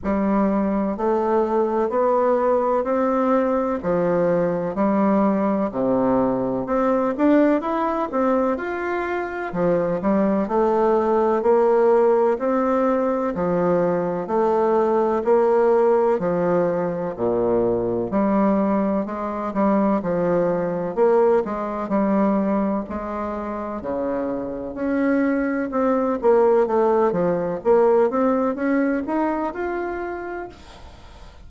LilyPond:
\new Staff \with { instrumentName = "bassoon" } { \time 4/4 \tempo 4 = 63 g4 a4 b4 c'4 | f4 g4 c4 c'8 d'8 | e'8 c'8 f'4 f8 g8 a4 | ais4 c'4 f4 a4 |
ais4 f4 ais,4 g4 | gis8 g8 f4 ais8 gis8 g4 | gis4 cis4 cis'4 c'8 ais8 | a8 f8 ais8 c'8 cis'8 dis'8 f'4 | }